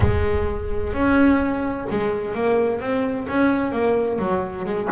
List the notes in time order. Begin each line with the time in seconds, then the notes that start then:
0.00 G#3
0.93 C#4
1.90 G#3
2.34 A#3
2.80 C4
3.28 C#4
3.72 A#3
4.18 F#3
4.65 G#3